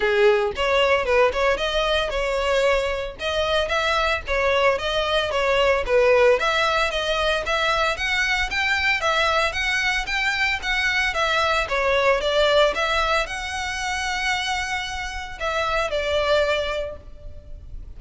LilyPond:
\new Staff \with { instrumentName = "violin" } { \time 4/4 \tempo 4 = 113 gis'4 cis''4 b'8 cis''8 dis''4 | cis''2 dis''4 e''4 | cis''4 dis''4 cis''4 b'4 | e''4 dis''4 e''4 fis''4 |
g''4 e''4 fis''4 g''4 | fis''4 e''4 cis''4 d''4 | e''4 fis''2.~ | fis''4 e''4 d''2 | }